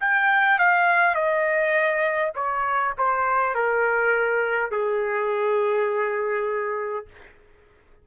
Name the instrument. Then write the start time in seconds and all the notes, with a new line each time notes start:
trumpet
0.00 G5
0.58 F5
1.14 D#5
2.35 C#5
2.98 C5
3.55 A#4
4.71 G#4